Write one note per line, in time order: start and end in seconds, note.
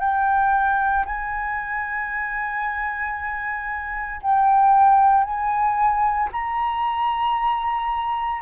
0.00 1.05 G5
1.06 4.22 G#5
4.22 5.24 G5
5.24 6.30 G#5
6.33 8.42 A#5